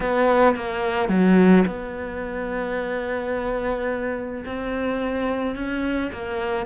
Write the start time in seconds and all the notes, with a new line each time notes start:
0.00 B3
0.55 A#3
1.08 F#3
1.66 B3
4.45 C4
5.55 C#4
6.12 A#3